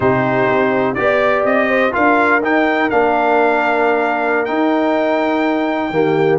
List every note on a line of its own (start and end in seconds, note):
0.00 0.48 C3
0.00 0.96 D#4
0.00 0.97 G4
0.00 0.94 C5
0.48 0.97 C4
0.94 1.44 B3
0.94 1.91 G4
0.94 1.43 D5
1.01 1.68 D5
1.44 1.92 C4
1.44 1.93 D#5
1.68 1.92 C5
1.91 2.41 D4
1.91 2.40 F4
1.91 5.92 A#4
1.91 2.42 F5
2.41 2.90 D#4
2.41 2.90 G5
2.90 4.48 A#3
2.90 4.47 D4
2.90 4.45 F5
4.45 5.92 D#4
4.45 5.90 D#4
4.45 6.38 G5
5.90 6.38 D#3
5.90 6.39 A#3
5.90 6.39 G4